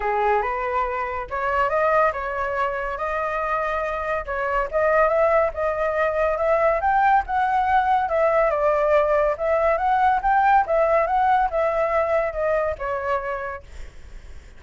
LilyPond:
\new Staff \with { instrumentName = "flute" } { \time 4/4 \tempo 4 = 141 gis'4 b'2 cis''4 | dis''4 cis''2 dis''4~ | dis''2 cis''4 dis''4 | e''4 dis''2 e''4 |
g''4 fis''2 e''4 | d''2 e''4 fis''4 | g''4 e''4 fis''4 e''4~ | e''4 dis''4 cis''2 | }